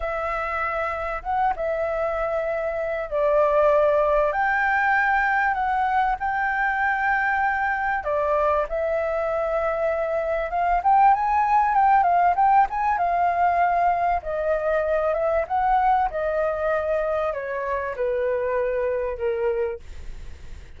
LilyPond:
\new Staff \with { instrumentName = "flute" } { \time 4/4 \tempo 4 = 97 e''2 fis''8 e''4.~ | e''4 d''2 g''4~ | g''4 fis''4 g''2~ | g''4 d''4 e''2~ |
e''4 f''8 g''8 gis''4 g''8 f''8 | g''8 gis''8 f''2 dis''4~ | dis''8 e''8 fis''4 dis''2 | cis''4 b'2 ais'4 | }